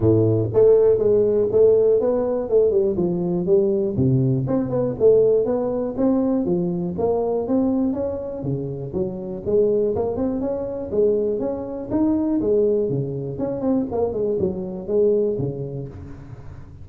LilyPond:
\new Staff \with { instrumentName = "tuba" } { \time 4/4 \tempo 4 = 121 a,4 a4 gis4 a4 | b4 a8 g8 f4 g4 | c4 c'8 b8 a4 b4 | c'4 f4 ais4 c'4 |
cis'4 cis4 fis4 gis4 | ais8 c'8 cis'4 gis4 cis'4 | dis'4 gis4 cis4 cis'8 c'8 | ais8 gis8 fis4 gis4 cis4 | }